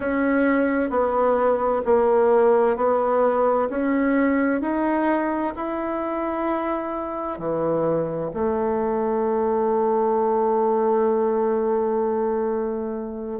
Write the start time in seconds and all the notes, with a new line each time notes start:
0.00 C#4
0.89 B3
1.85 A#3
2.76 B3
3.69 C#4
4.61 D#4
5.56 E4
7.38 E3
8.33 A3